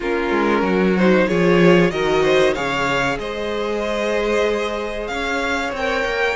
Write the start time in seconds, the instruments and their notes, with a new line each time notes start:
0.00 cello A#3, viola C#4, violin F4 A#4
0.30 cello G#3
0.62 cello F#3, violin F#4
0.97 viola D#4, violin C5
1.27 cello F3, viola F4, violin G#4 C#5
1.90 cello D#3, viola F#4, violin A#4 D#5
2.22 violin C5
2.53 cello C#3, viola G#4, violin C#5 F5
3.18 cello G#3, violin C5 D#5
5.07 cello C#4, violin C#5 F5
5.72 cello C4, viola A#4, violin G5
6.05 cello A#3